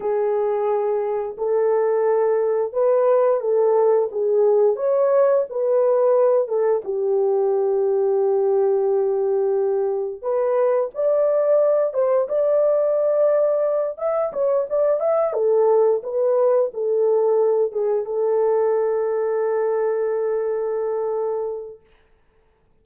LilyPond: \new Staff \with { instrumentName = "horn" } { \time 4/4 \tempo 4 = 88 gis'2 a'2 | b'4 a'4 gis'4 cis''4 | b'4. a'8 g'2~ | g'2. b'4 |
d''4. c''8 d''2~ | d''8 e''8 cis''8 d''8 e''8 a'4 b'8~ | b'8 a'4. gis'8 a'4.~ | a'1 | }